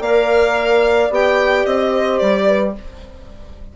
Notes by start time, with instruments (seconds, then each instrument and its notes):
0.00 bassoon A#3, clarinet A#4, horn D5, violin F5
1.10 bassoon B3, clarinet G4, violin G5
1.65 bassoon C4, violin D#5
1.90 horn C5
2.18 bassoon G3, violin D5
2.46 horn B4